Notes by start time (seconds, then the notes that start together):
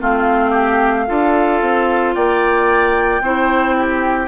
0.00 A3 C4 F4 F5
0.50 G4
1.07 D4 F4 A4
1.62 C4
2.14 A#3 D5 G5
3.21 C4 E4 C5
3.77 G4